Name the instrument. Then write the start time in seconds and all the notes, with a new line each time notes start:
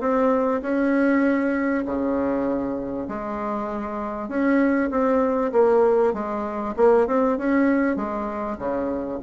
bassoon
0.00 C4
0.62 C#4
1.85 C#3
3.08 G#3
4.28 C#4
4.91 C4
5.52 A#3
6.13 G#3
6.76 A#3
7.07 C4
7.37 C#4
7.96 G#3
8.58 C#3